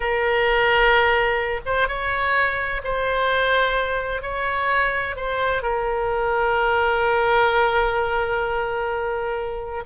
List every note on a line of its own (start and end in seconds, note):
0.00 1.60 A#4
1.65 1.87 C5
1.87 2.81 C#5
2.84 4.22 C5
4.22 5.15 C#5
5.15 5.62 C5
5.62 9.84 A#4